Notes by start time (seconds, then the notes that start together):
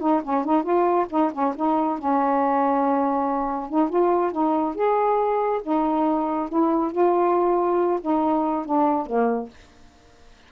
0.00 D#4
0.24 C#4
0.45 D#4
0.63 F4
1.10 D#4
1.33 C#4
1.56 D#4
1.99 C#4
3.69 D#4
3.90 F4
4.32 D#4
4.75 G#4
5.63 D#4
6.49 E4
6.92 F4
8.01 D#4
8.65 D4
9.06 A#3